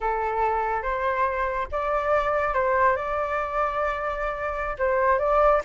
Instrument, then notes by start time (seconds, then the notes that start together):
flute
0.00 A4
0.82 C5
1.71 D5
2.54 C5
2.96 D5
4.78 C5
5.19 D5